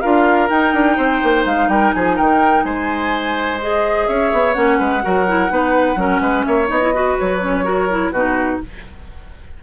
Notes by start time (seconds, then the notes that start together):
0.00 D4 F4 A#4 F5
0.49 D#4 G5
0.73 D4
0.96 C4 C5
1.23 A#3
1.45 G#3 F5
1.68 G3 A#4 G5
1.92 F3 G#4 G#5
2.16 D#3 A#4 G5
2.63 G#3 C5 G#5
3.61 G#4 D#5
4.07 C#4 C#5 E5
4.32 B3
4.53 A#3 C#4 F#5
4.78 G#3 B4
5.01 F#3 F#4 A#4
5.27 E4
5.49 B3 D#4 B4
5.95 F#3 C#4 A#4
6.20 G#3 B4
6.43 A#3 C#5 E5
6.67 B3 D#4 D#5
6.81 E4
6.93 F#4 B4
7.18 F#3 C#5
7.40 C#4
7.64 F#4 A#4
7.89 E4
8.11 B2 D#4 F#4 B4